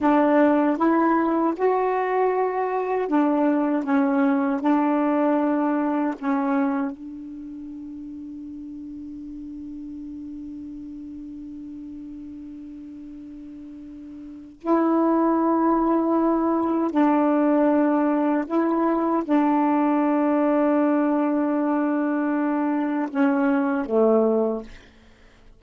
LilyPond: \new Staff \with { instrumentName = "saxophone" } { \time 4/4 \tempo 4 = 78 d'4 e'4 fis'2 | d'4 cis'4 d'2 | cis'4 d'2.~ | d'1~ |
d'2. e'4~ | e'2 d'2 | e'4 d'2.~ | d'2 cis'4 a4 | }